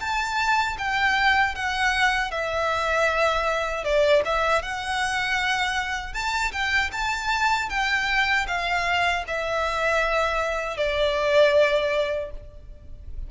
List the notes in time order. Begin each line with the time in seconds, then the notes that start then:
0.00 A5
0.78 G5
1.55 F#5
2.31 E5
3.84 D5
4.25 E5
4.62 F#5
6.13 A5
6.52 G5
6.92 A5
7.69 G5
8.47 F5
9.27 E5
10.77 D5